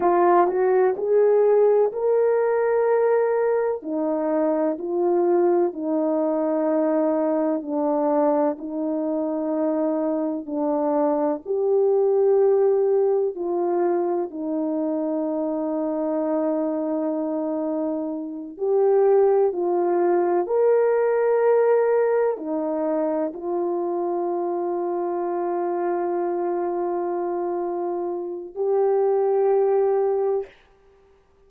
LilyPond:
\new Staff \with { instrumentName = "horn" } { \time 4/4 \tempo 4 = 63 f'8 fis'8 gis'4 ais'2 | dis'4 f'4 dis'2 | d'4 dis'2 d'4 | g'2 f'4 dis'4~ |
dis'2.~ dis'8 g'8~ | g'8 f'4 ais'2 dis'8~ | dis'8 f'2.~ f'8~ | f'2 g'2 | }